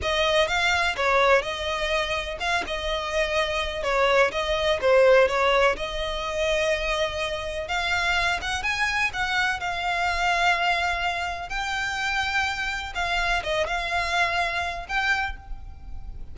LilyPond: \new Staff \with { instrumentName = "violin" } { \time 4/4 \tempo 4 = 125 dis''4 f''4 cis''4 dis''4~ | dis''4 f''8 dis''2~ dis''8 | cis''4 dis''4 c''4 cis''4 | dis''1 |
f''4. fis''8 gis''4 fis''4 | f''1 | g''2. f''4 | dis''8 f''2~ f''8 g''4 | }